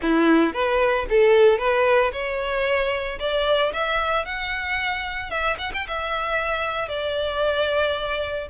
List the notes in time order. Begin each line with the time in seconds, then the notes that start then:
0.02 E4
0.53 B4
1.09 A4
1.58 B4
2.12 C#5
3.19 D5
3.73 E5
4.25 F#5
5.30 E5
5.58 F#5
5.73 G5
5.87 E5
6.88 D5